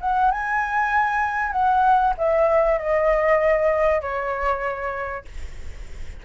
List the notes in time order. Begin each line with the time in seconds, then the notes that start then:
0.00 F#5
0.31 G#5
1.52 F#5
2.18 E5
2.78 D#5
4.01 C#5